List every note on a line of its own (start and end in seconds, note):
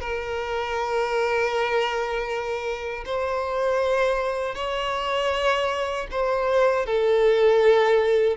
0.00 3.04 A#4
3.05 4.55 C5
4.55 6.07 C#5
6.11 6.86 C5
6.86 8.36 A4